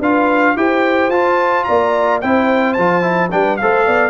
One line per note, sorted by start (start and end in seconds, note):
0.00 0.55 D4
0.00 0.57 F4
0.00 0.55 B4
0.00 0.57 F5
0.57 1.09 E4
0.57 1.12 G4
0.57 1.68 C5
0.57 1.11 G5
1.09 1.64 F4
1.09 2.23 F4
1.09 1.64 A5
1.64 2.24 A#3
1.64 2.22 D5
1.64 2.19 A#5
2.22 2.78 C4
2.22 2.78 E4
2.22 3.32 C5
2.22 2.74 G5
2.74 3.33 F3
2.74 3.02 F4
2.74 3.29 A5
3.02 3.30 E4
3.31 3.61 G3
3.31 3.59 D4
3.31 3.60 B4
3.31 3.57 G5
3.57 3.88 A3
3.57 4.11 A4
3.57 3.86 C5
3.57 4.11 F5
3.86 4.11 B3
3.86 4.11 D5